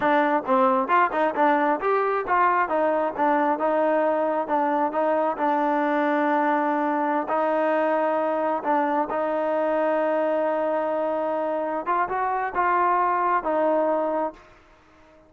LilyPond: \new Staff \with { instrumentName = "trombone" } { \time 4/4 \tempo 4 = 134 d'4 c'4 f'8 dis'8 d'4 | g'4 f'4 dis'4 d'4 | dis'2 d'4 dis'4 | d'1~ |
d'16 dis'2. d'8.~ | d'16 dis'2.~ dis'8.~ | dis'2~ dis'8 f'8 fis'4 | f'2 dis'2 | }